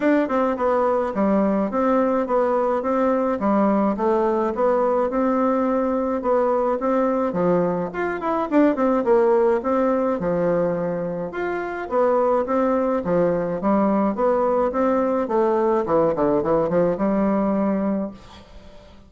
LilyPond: \new Staff \with { instrumentName = "bassoon" } { \time 4/4 \tempo 4 = 106 d'8 c'8 b4 g4 c'4 | b4 c'4 g4 a4 | b4 c'2 b4 | c'4 f4 f'8 e'8 d'8 c'8 |
ais4 c'4 f2 | f'4 b4 c'4 f4 | g4 b4 c'4 a4 | e8 d8 e8 f8 g2 | }